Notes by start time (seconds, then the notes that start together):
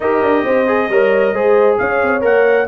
0.00 D#4 G4 A#4 D#5
0.21 D4
0.44 C4 C5
0.67 G#4
0.88 G3 A#4 C#5
1.33 G#3 G#4 C5
1.78 C#4 C#5 F5
2.02 C4
2.20 A#3 A#4 F#5